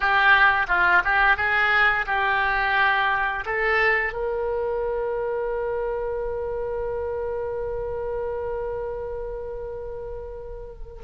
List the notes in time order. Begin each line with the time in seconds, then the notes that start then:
0.00 G4
0.68 F4
1.04 G4
1.36 G#4
2.06 G4
3.45 A4
4.13 A#4